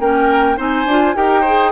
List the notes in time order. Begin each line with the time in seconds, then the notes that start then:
0.00 A#3 C#4 A#4 G5
0.57 C4 D#4 C5 G#5
0.86 D4 F4
1.15 D#4 G4 A#4 G5
1.41 G#4 C5